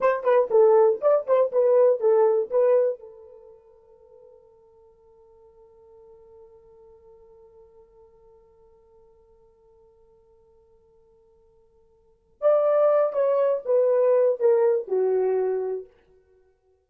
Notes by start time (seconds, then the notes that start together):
0.00 C5
0.23 B4
0.50 A4
1.01 D5
1.26 C5
1.52 B4
2.00 A4
2.50 B4
2.99 A4
12.41 D5
13.12 C#5
13.65 B4
14.39 A#4
14.87 F#4